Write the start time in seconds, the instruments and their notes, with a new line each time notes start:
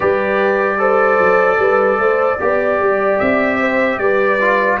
0.00 tuba G3, trombone G4, horn B4, trumpet D5
0.79 trombone A4, horn C5
1.19 tuba F#3
1.58 tuba G3, horn B4
1.98 tuba A3, horn C5
2.39 tuba B3, trombone G4, horn D5
2.79 tuba G3
3.19 tuba C4, trumpet E5
3.59 horn C5
3.98 tuba G3, horn B4, trumpet D5
4.40 trombone F4